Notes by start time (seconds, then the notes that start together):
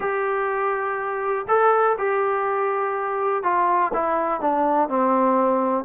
0.00 G4
1.48 A4
1.98 G4
3.43 F4
3.93 E4
4.40 D4
4.88 C4